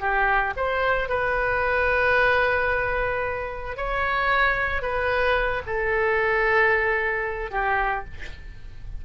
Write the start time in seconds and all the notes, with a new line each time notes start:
0.00 G4
0.56 C5
1.09 B4
3.77 C#5
4.82 B4
5.66 A4
7.51 G4